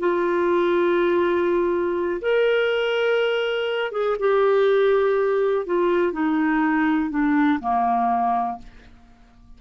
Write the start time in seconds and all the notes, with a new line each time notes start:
0.00 F4
2.22 A#4
3.92 G#4
4.20 G4
5.66 F4
6.13 D#4
7.11 D4
7.60 A#3